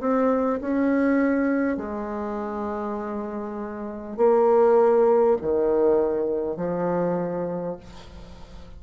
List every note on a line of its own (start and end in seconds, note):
0.00 0.60 C4
0.61 1.77 C#4
1.77 4.17 G#3
4.17 5.37 A#3
5.42 6.57 D#3
6.57 7.77 F3